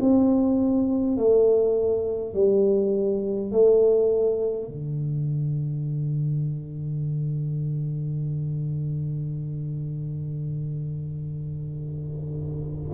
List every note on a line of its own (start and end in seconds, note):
0.00 1.17 C4
1.17 2.34 A3
2.34 3.51 G3
3.52 4.67 A3
4.67 12.91 D3